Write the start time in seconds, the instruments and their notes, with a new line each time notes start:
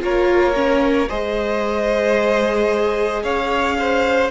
0.00 cello A#3, viola F4, violin A#4 C#5
0.55 viola C#4
1.09 cello G#3, viola G#4, violin C5 D#5
3.23 cello C#4, violin C#5 F5
3.79 violin C5